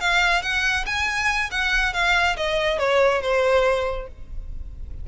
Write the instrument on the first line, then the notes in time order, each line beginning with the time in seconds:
violin
0.00 F5
0.42 F#5
0.86 G#5
1.51 F#5
1.93 F5
2.36 D#5
2.79 C#5
3.22 C5